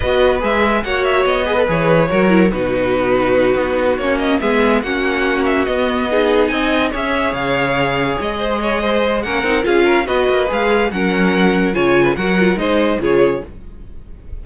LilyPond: <<
  \new Staff \with { instrumentName = "violin" } { \time 4/4 \tempo 4 = 143 dis''4 e''4 fis''8 e''8 dis''4 | cis''2 b'2~ | b'4. cis''8 dis''8 e''4 fis''8~ | fis''4 e''8 dis''2 gis''8~ |
gis''8 e''4 f''2 dis''8~ | dis''2 fis''4 f''4 | dis''4 f''4 fis''2 | gis''4 fis''4 dis''4 cis''4 | }
  \new Staff \with { instrumentName = "violin" } { \time 4/4 b'2 cis''4. b'8~ | b'4 ais'4 fis'2~ | fis'2~ fis'8 gis'4 fis'8~ | fis'2~ fis'8 gis'4 dis''8~ |
dis''8 cis''2.~ cis''8 | c''8 cis''8 c''4 ais'4 gis'8 ais'8 | b'2 ais'2 | cis''8. b'16 ais'4 c''4 gis'4 | }
  \new Staff \with { instrumentName = "viola" } { \time 4/4 fis'4 gis'4 fis'4. gis'16 a'16 | gis'4 fis'8 e'8 dis'2~ | dis'4. cis'4 b4 cis'8~ | cis'4. b4 dis'4.~ |
dis'8 gis'2.~ gis'8~ | gis'2 cis'8 dis'8 f'4 | fis'4 gis'4 cis'2 | f'4 fis'8 f'8 dis'4 f'4 | }
  \new Staff \with { instrumentName = "cello" } { \time 4/4 b4 gis4 ais4 b4 | e4 fis4 b,2~ | b,8 b4 ais4 gis4 ais8~ | ais4. b2 c'8~ |
c'8 cis'4 cis2 gis8~ | gis2 ais8 c'8 cis'4 | b8 ais8 gis4 fis2 | cis4 fis4 gis4 cis4 | }
>>